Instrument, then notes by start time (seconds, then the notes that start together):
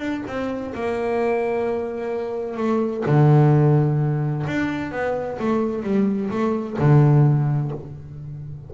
double bass
0.00 D4
0.28 C4
0.75 A#3
2.58 A3
3.06 D3
4.47 D4
4.92 B3
5.40 A3
5.84 G3
6.31 A3
6.79 D3